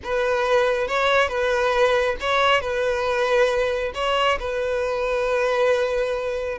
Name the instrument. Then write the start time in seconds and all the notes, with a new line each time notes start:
violin
0.03 B4
0.87 C#5
1.28 B4
2.20 C#5
2.61 B4
3.94 C#5
4.39 B4